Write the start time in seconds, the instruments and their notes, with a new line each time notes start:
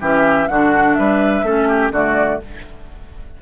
0.00 bassoon E3, clarinet C#4, oboe G4, flute E5
0.48 bassoon D3, clarinet D4, oboe F#4, flute F#5
0.94 bassoon G3, oboe B4, flute E5
1.42 bassoon A3, clarinet C#4, oboe A4
1.68 oboe G4
1.91 bassoon D3, clarinet A3, oboe F#4, flute D5